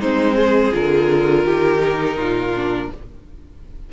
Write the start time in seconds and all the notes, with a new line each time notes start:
0.00 G#3 C4 D#4 C5
0.36 G#4
0.72 D3 F4 A#4
1.45 D#3 G4
1.79 D#4
2.16 A#2 F4
2.56 D4